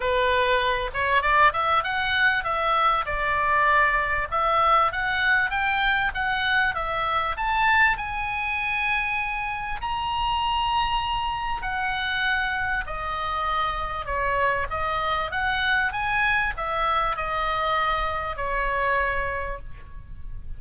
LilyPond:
\new Staff \with { instrumentName = "oboe" } { \time 4/4 \tempo 4 = 98 b'4. cis''8 d''8 e''8 fis''4 | e''4 d''2 e''4 | fis''4 g''4 fis''4 e''4 | a''4 gis''2. |
ais''2. fis''4~ | fis''4 dis''2 cis''4 | dis''4 fis''4 gis''4 e''4 | dis''2 cis''2 | }